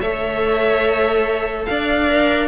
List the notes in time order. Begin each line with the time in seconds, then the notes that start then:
0.00 A3 A4 C#5 E5
1.65 D4 D5 F5
2.08 A#4